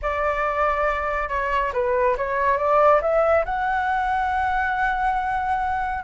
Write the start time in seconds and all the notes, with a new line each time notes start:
0.02 D5
1.28 C#5
1.73 B4
2.17 C#5
2.57 D5
3.01 E5
3.45 F#5